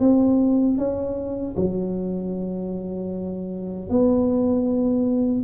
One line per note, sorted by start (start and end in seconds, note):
0.00 0.78 C4
0.78 1.56 C#4
1.57 3.90 F#3
3.90 5.44 B3